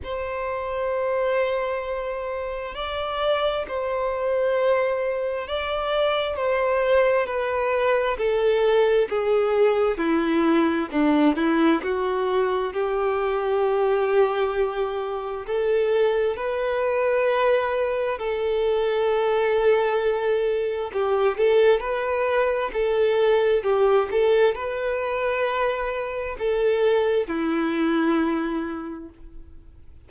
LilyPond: \new Staff \with { instrumentName = "violin" } { \time 4/4 \tempo 4 = 66 c''2. d''4 | c''2 d''4 c''4 | b'4 a'4 gis'4 e'4 | d'8 e'8 fis'4 g'2~ |
g'4 a'4 b'2 | a'2. g'8 a'8 | b'4 a'4 g'8 a'8 b'4~ | b'4 a'4 e'2 | }